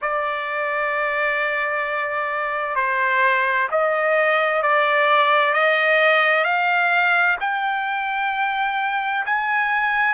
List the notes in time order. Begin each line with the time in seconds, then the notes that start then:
0.01 D5
2.75 C5
3.71 D#5
4.62 D5
5.53 D#5
6.44 F5
7.40 G5
9.25 G#5